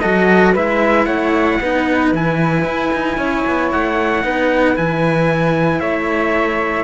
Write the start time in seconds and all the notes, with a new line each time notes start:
0.00 F#3 F#4 A4 D#5
0.53 G#3 E4 B4 E5
1.05 A3 C#5 F#5
1.60 B3 D#4 B4
2.13 E3 E4 G#5
2.64 E4
2.93 D#4
3.17 C#4 C#5
3.47 B3
3.72 A3 F#5
4.23 B3 D#4 B4
4.76 E3 E4 G#5
5.80 A3 C#5 E5